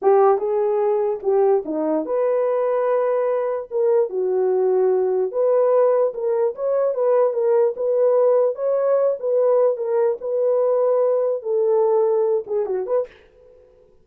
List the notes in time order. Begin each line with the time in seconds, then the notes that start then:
0.02 G4
0.38 G#4
1.22 G4
1.65 D#4
2.05 B4
3.70 A#4
4.09 F#4
5.31 B4
6.13 A#4
6.55 C#5
6.94 B4
7.33 A#4
7.76 B4
8.55 C#5
9.19 B4
9.76 A#4
10.20 B4
11.42 A4
12.46 G#4
12.65 F#4
12.86 B4